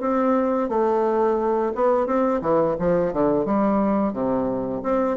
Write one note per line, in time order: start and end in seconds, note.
0.00 0.69 C4
0.69 1.72 A3
1.75 2.06 B3
2.06 2.40 C4
2.41 2.76 E3
2.79 3.13 F3
3.13 3.45 D3
3.45 4.13 G3
4.13 4.82 C3
4.82 5.17 C4